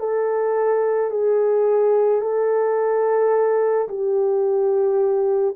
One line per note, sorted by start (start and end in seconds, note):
0.00 1.11 A4
1.11 2.22 G#4
2.22 3.88 A4
3.89 5.56 G4